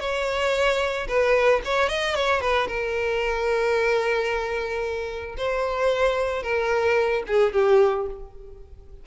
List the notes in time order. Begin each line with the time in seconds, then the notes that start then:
0.00 C#5
1.08 B4
1.65 C#5
1.89 D#5
2.16 C#5
2.41 B4
2.68 A#4
5.37 C5
6.43 A#4
7.27 G#4
7.53 G4